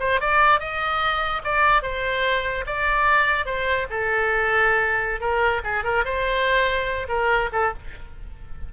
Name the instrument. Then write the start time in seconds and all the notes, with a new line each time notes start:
oboe
0.00 C5
0.21 D5
0.60 D#5
1.44 D5
1.83 C5
2.67 D5
3.46 C5
3.90 A4
5.21 A#4
5.64 G#4
5.84 A#4
6.05 C5
7.09 A#4
7.53 A4